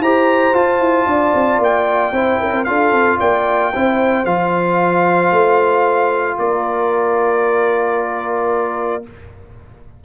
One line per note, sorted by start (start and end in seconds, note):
0.00 0.53 E4
0.00 0.54 G4
0.00 1.07 C5
0.00 0.55 A#5
0.54 2.13 F4
0.54 0.79 F4
0.54 1.61 A5
0.79 1.05 E4
1.06 1.33 D4
1.06 2.13 D5
1.34 1.58 C4
1.58 2.11 A#3
1.58 2.65 G5
2.12 2.38 C4
2.12 2.67 E4
2.12 2.40 C5
2.40 2.53 C#4
2.40 2.67 A#4
2.53 2.66 C4
2.65 2.92 D4
2.65 3.73 F4
2.65 3.18 A4
2.65 3.18 F5
2.92 3.18 C4
3.18 3.74 A#3
3.18 3.71 D5
3.18 4.25 G5
3.72 4.25 C4
3.72 4.25 E4
3.72 6.38 C5
4.25 5.31 F3
4.25 9.03 F4
4.25 6.38 F5
5.31 6.37 A3
6.38 9.05 A#3
6.38 9.04 A#4
6.38 9.04 D5